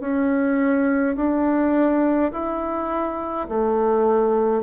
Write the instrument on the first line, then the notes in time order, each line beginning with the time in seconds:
bassoon
0.00 C#4
1.16 D4
2.32 E4
3.49 A3